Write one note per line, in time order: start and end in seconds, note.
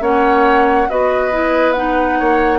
0.00 0.87 A#3
0.00 0.87 C#4
0.00 0.88 C#5
0.00 0.89 F#5
0.89 2.20 B3
0.89 1.32 F#4
0.89 2.19 B4
0.89 1.72 D#5
1.32 1.75 E4
1.72 2.58 D#4
1.72 2.58 F#5
2.19 2.58 A#3
2.19 2.58 C#5